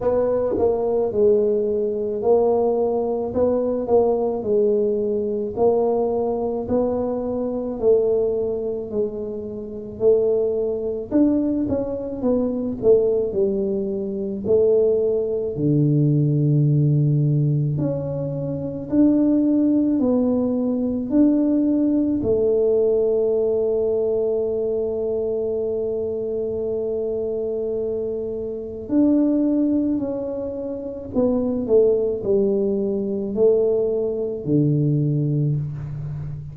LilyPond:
\new Staff \with { instrumentName = "tuba" } { \time 4/4 \tempo 4 = 54 b8 ais8 gis4 ais4 b8 ais8 | gis4 ais4 b4 a4 | gis4 a4 d'8 cis'8 b8 a8 | g4 a4 d2 |
cis'4 d'4 b4 d'4 | a1~ | a2 d'4 cis'4 | b8 a8 g4 a4 d4 | }